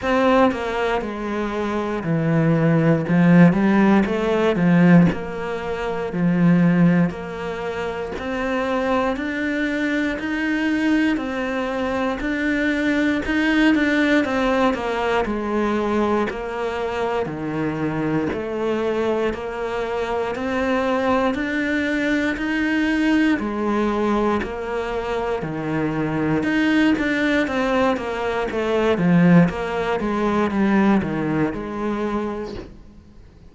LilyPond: \new Staff \with { instrumentName = "cello" } { \time 4/4 \tempo 4 = 59 c'8 ais8 gis4 e4 f8 g8 | a8 f8 ais4 f4 ais4 | c'4 d'4 dis'4 c'4 | d'4 dis'8 d'8 c'8 ais8 gis4 |
ais4 dis4 a4 ais4 | c'4 d'4 dis'4 gis4 | ais4 dis4 dis'8 d'8 c'8 ais8 | a8 f8 ais8 gis8 g8 dis8 gis4 | }